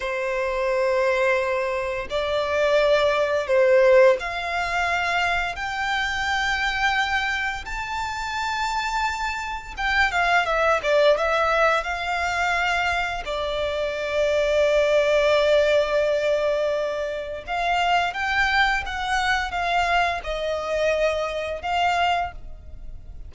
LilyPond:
\new Staff \with { instrumentName = "violin" } { \time 4/4 \tempo 4 = 86 c''2. d''4~ | d''4 c''4 f''2 | g''2. a''4~ | a''2 g''8 f''8 e''8 d''8 |
e''4 f''2 d''4~ | d''1~ | d''4 f''4 g''4 fis''4 | f''4 dis''2 f''4 | }